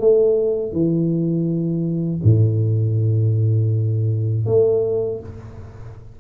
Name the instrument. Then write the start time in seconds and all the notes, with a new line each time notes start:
tuba
0.00 A3
0.73 E3
2.24 A2
4.46 A3